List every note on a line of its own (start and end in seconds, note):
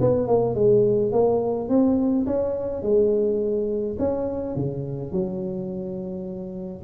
0.00 0.27 B3
0.27 0.55 A#3
0.55 1.12 G#3
1.12 1.69 A#3
1.69 2.26 C4
2.26 2.82 C#4
2.82 3.97 G#3
3.98 4.56 C#4
4.56 5.12 C#3
5.12 6.83 F#3